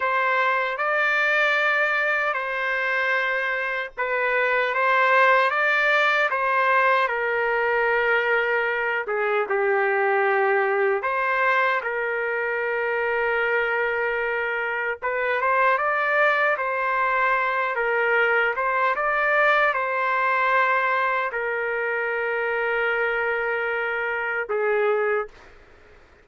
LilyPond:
\new Staff \with { instrumentName = "trumpet" } { \time 4/4 \tempo 4 = 76 c''4 d''2 c''4~ | c''4 b'4 c''4 d''4 | c''4 ais'2~ ais'8 gis'8 | g'2 c''4 ais'4~ |
ais'2. b'8 c''8 | d''4 c''4. ais'4 c''8 | d''4 c''2 ais'4~ | ais'2. gis'4 | }